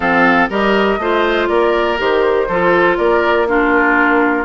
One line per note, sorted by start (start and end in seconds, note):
0.00 0.49 F3
0.00 0.50 C4
0.00 0.49 A4
0.00 0.48 F5
0.49 0.97 G3
0.49 0.99 G4
0.49 0.99 A#4
0.49 1.48 D#5
0.97 1.47 A3
0.97 1.98 F4
0.97 1.49 C5
1.48 1.99 A#3
1.48 2.48 A#4
1.48 1.97 D5
1.98 2.48 D#3
1.98 2.47 G4
1.98 2.97 C5
2.48 2.98 F3
2.48 3.47 F4
2.48 2.97 A4
2.97 4.45 A#3
2.97 3.47 A#4
2.97 3.47 D5
3.47 4.45 D4
3.47 4.45 F4
3.47 4.45 A#4